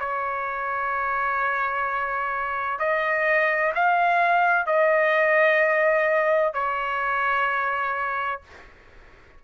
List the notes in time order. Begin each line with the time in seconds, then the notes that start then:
0.00 C#5
2.80 D#5
3.75 F5
4.67 D#5
6.54 C#5